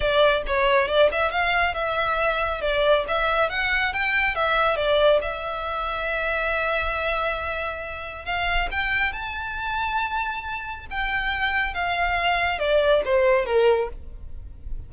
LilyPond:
\new Staff \with { instrumentName = "violin" } { \time 4/4 \tempo 4 = 138 d''4 cis''4 d''8 e''8 f''4 | e''2 d''4 e''4 | fis''4 g''4 e''4 d''4 | e''1~ |
e''2. f''4 | g''4 a''2.~ | a''4 g''2 f''4~ | f''4 d''4 c''4 ais'4 | }